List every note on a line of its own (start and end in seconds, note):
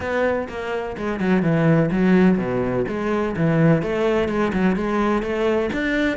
0.00 0.48 B3
0.48 0.96 A#3
0.97 1.20 G#3
1.20 1.42 F#3
1.42 1.90 E3
1.91 2.38 F#3
2.38 2.85 B2
2.88 3.35 G#3
3.36 3.82 E3
3.82 4.28 A3
4.28 4.52 G#3
4.53 4.76 F#3
4.76 5.22 G#3
5.22 5.69 A3
5.73 6.17 D4